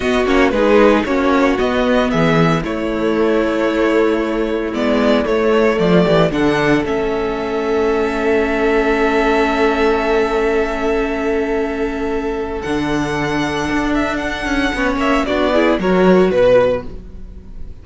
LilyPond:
<<
  \new Staff \with { instrumentName = "violin" } { \time 4/4 \tempo 4 = 114 dis''8 cis''8 b'4 cis''4 dis''4 | e''4 cis''2.~ | cis''4 d''4 cis''4 d''4 | fis''4 e''2.~ |
e''1~ | e''1 | fis''2~ fis''8 e''8 fis''4~ | fis''8 e''8 d''4 cis''4 b'4 | }
  \new Staff \with { instrumentName = "violin" } { \time 4/4 fis'4 gis'4 fis'2 | gis'4 e'2.~ | e'2. f'8 g'8 | a'1~ |
a'1~ | a'1~ | a'1 | cis''4 fis'8 gis'8 ais'4 b'4 | }
  \new Staff \with { instrumentName = "viola" } { \time 4/4 b8 cis'8 dis'4 cis'4 b4~ | b4 a2.~ | a4 b4 a2 | d'4 cis'2.~ |
cis'1~ | cis'1 | d'1 | cis'4 d'8 e'8 fis'2 | }
  \new Staff \with { instrumentName = "cello" } { \time 4/4 b8 ais8 gis4 ais4 b4 | e4 a2.~ | a4 gis4 a4 f8 e8 | d4 a2.~ |
a1~ | a1 | d2 d'4. cis'8 | b8 ais8 b4 fis4 b,4 | }
>>